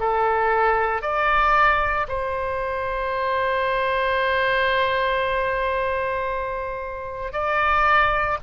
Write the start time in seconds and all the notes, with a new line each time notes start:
0.00 A4
1.02 D5
2.09 C5
7.33 D5